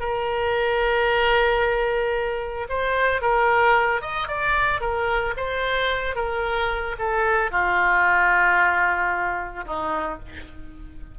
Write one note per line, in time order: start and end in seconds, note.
0.00 2.68 A#4
2.70 3.22 C5
3.22 4.02 A#4
4.02 4.28 D#5
4.28 4.81 D5
4.81 5.34 A#4
5.37 6.16 C5
6.16 6.96 A#4
6.99 7.51 A4
7.51 9.66 F4
9.66 10.19 D#4